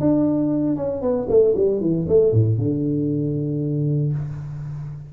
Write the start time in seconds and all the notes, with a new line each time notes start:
0.00 D4
0.76 C#4
1.02 B3
1.29 A3
1.56 G3
1.80 E3
2.09 A3
2.32 A2
2.58 D3